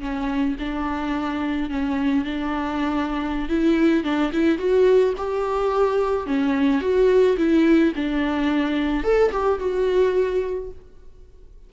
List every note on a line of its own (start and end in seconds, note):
0.00 0.56 C#4
0.59 1.69 D4
1.69 2.24 C#4
2.24 3.49 D4
3.49 4.04 E4
4.04 4.31 D4
4.32 4.58 E4
4.58 5.13 F#4
5.17 6.26 G4
6.26 6.81 C#4
6.81 7.36 F#4
7.37 7.93 E4
7.95 9.04 D4
9.04 9.31 A4
9.32 9.59 G4
9.59 10.70 F#4